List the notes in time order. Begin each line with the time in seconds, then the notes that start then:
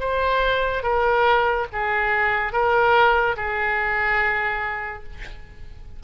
0.00 C5
0.83 A#4
1.73 G#4
2.53 A#4
3.37 G#4